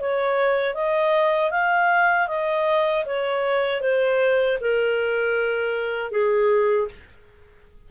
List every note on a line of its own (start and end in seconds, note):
0.00 0.74 C#5
0.74 1.51 D#5
1.51 2.28 F5
2.28 3.05 D#5
3.06 3.81 C#5
3.81 4.58 C5
4.61 6.12 A#4
6.12 6.88 G#4